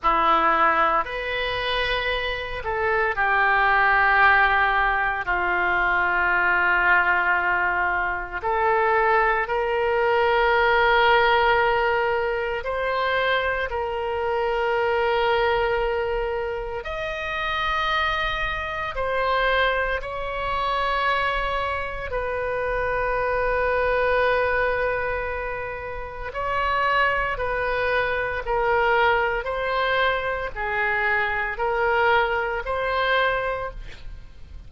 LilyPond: \new Staff \with { instrumentName = "oboe" } { \time 4/4 \tempo 4 = 57 e'4 b'4. a'8 g'4~ | g'4 f'2. | a'4 ais'2. | c''4 ais'2. |
dis''2 c''4 cis''4~ | cis''4 b'2.~ | b'4 cis''4 b'4 ais'4 | c''4 gis'4 ais'4 c''4 | }